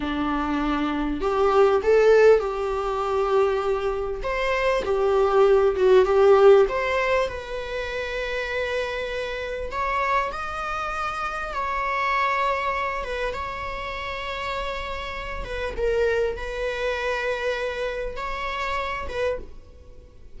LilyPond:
\new Staff \with { instrumentName = "viola" } { \time 4/4 \tempo 4 = 99 d'2 g'4 a'4 | g'2. c''4 | g'4. fis'8 g'4 c''4 | b'1 |
cis''4 dis''2 cis''4~ | cis''4. b'8 cis''2~ | cis''4. b'8 ais'4 b'4~ | b'2 cis''4. b'8 | }